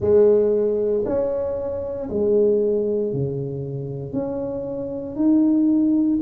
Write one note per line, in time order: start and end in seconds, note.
0.00 1.03 G#3
1.05 2.09 C#4
2.09 3.12 G#3
3.12 4.12 C#3
4.12 5.15 C#4
5.15 6.19 D#4